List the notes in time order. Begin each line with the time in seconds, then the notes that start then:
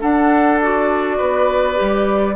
0.00 D4 A4 F#5
0.61 F#4 D5
1.18 B3 B4
1.75 G3 G4